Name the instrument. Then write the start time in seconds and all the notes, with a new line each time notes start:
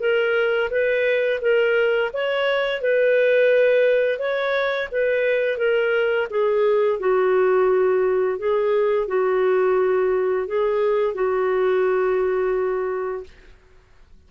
clarinet
0.00 A#4
0.71 B4
1.41 A#4
2.13 C#5
2.81 B4
4.19 C#5
4.92 B4
5.58 A#4
6.30 G#4
7.00 F#4
8.39 G#4
9.08 F#4
10.47 G#4
11.14 F#4